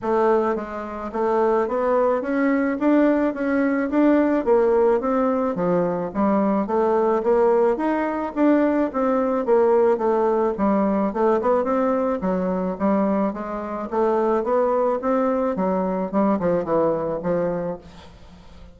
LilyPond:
\new Staff \with { instrumentName = "bassoon" } { \time 4/4 \tempo 4 = 108 a4 gis4 a4 b4 | cis'4 d'4 cis'4 d'4 | ais4 c'4 f4 g4 | a4 ais4 dis'4 d'4 |
c'4 ais4 a4 g4 | a8 b8 c'4 fis4 g4 | gis4 a4 b4 c'4 | fis4 g8 f8 e4 f4 | }